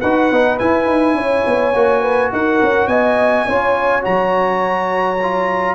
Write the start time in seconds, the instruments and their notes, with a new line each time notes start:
0.00 tuba D#4, trombone F#4, horn B4, trumpet F#5
0.31 tuba B3, trombone D#4
0.58 trombone E4, tuba E4, trumpet G#5
0.85 tuba D#4
1.14 tuba C#4, horn C#5
1.46 tuba B3
1.74 tuba A#3, trombone F#4
2.01 horn B4
2.31 tuba D#4, horn A#4, trumpet F#5
2.62 tuba C#4
2.87 tuba B3, horn D#5, trumpet G#5
3.46 tuba C#4, trombone F4, horn C#5
4.01 tuba F#3, trombone F#4, trumpet A#5
5.22 trombone F4